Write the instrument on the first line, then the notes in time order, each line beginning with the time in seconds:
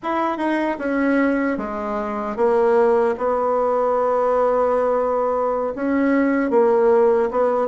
bassoon
0.03 E4
0.37 D#4
0.79 C#4
1.57 G#3
2.36 A#3
3.17 B3
5.75 C#4
6.50 A#3
7.31 B3